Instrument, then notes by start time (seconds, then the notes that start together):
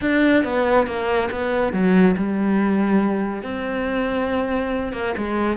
cello
0.01 D4
0.44 B3
0.86 A#3
1.31 B3
1.72 F#3
2.16 G3
3.43 C4
4.93 A#3
5.17 G#3